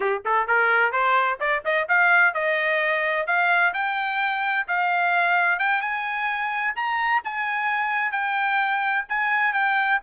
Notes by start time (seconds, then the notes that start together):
0.00 G4
0.25 A4
0.47 A#4
0.92 C5
1.40 D5
1.64 D#5
1.88 F5
2.33 D#5
3.26 F5
3.73 G5
4.67 F5
5.59 G5
5.81 G#5
6.75 A#5
7.24 G#5
8.11 G5
9.08 G#5
9.53 G5